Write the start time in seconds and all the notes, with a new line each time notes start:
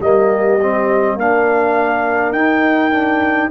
0.00 G3 A#3 G4 D#5
0.60 C4
1.15 A#3 D4 A#4 F5
2.31 D#4 G5
2.91 D4